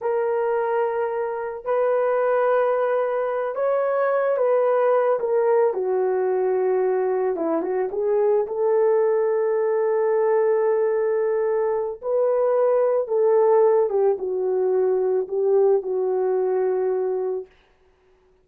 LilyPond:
\new Staff \with { instrumentName = "horn" } { \time 4/4 \tempo 4 = 110 ais'2. b'4~ | b'2~ b'8 cis''4. | b'4. ais'4 fis'4.~ | fis'4. e'8 fis'8 gis'4 a'8~ |
a'1~ | a'2 b'2 | a'4. g'8 fis'2 | g'4 fis'2. | }